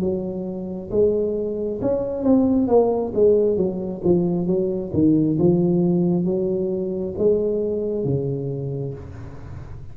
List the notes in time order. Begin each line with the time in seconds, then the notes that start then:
0.00 F#3
0.91 G#3
1.82 C#4
2.23 C4
2.67 A#3
3.14 G#3
3.57 F#3
4.04 F3
4.47 F#3
4.93 D#3
5.39 F3
6.25 F#3
7.18 G#3
8.04 C#3